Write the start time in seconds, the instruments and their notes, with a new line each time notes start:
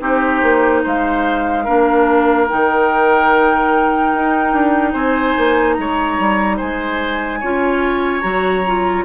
0.00 bassoon C4, clarinet D#4, oboe G4, flute C5
0.43 bassoon A#3
0.83 bassoon G#3, oboe C5, flute F5
1.64 bassoon A#3, clarinet D4, oboe A#4
2.48 bassoon D#3, clarinet D#4, flute G5
4.15 bassoon D#4
4.53 bassoon D4
4.93 bassoon C4, oboe C5, flute G#5
5.38 bassoon A#3
5.73 bassoon G#3, flute A#5
5.80 oboe C#5
6.19 bassoon G3
6.57 bassoon G#3, oboe C5, flute G#5
7.41 bassoon C#4, clarinet F4, oboe C#5
8.21 bassoon F#3, clarinet F#4, flute A#5
8.66 clarinet F4